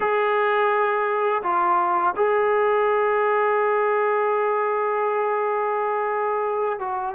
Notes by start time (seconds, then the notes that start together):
0.00 G#4
1.43 F4
2.16 G#4
6.79 F#4